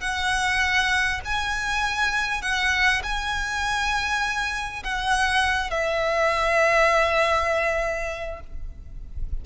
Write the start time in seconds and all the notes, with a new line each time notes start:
0.00 F#5
1.25 G#5
2.42 F#5
3.03 G#5
4.83 F#5
5.70 E5